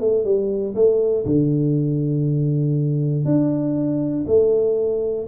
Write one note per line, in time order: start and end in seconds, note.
0.00 0.24 A3
0.24 0.74 G3
0.75 1.25 A3
1.25 3.25 D3
3.25 4.25 D4
4.27 5.27 A3